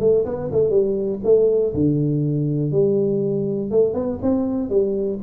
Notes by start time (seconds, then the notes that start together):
0.00 A3
0.25 B3
0.52 A3
0.70 G3
1.24 A3
1.74 D3
2.72 G3
3.71 A3
3.94 B3
4.22 C4
4.70 G3